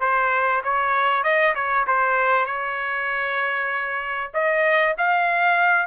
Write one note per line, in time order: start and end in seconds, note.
0.00 0.62 C5
0.64 1.23 C#5
1.23 1.54 D#5
1.54 1.85 C#5
1.86 2.45 C5
2.45 4.31 C#5
4.33 4.95 D#5
4.97 5.86 F5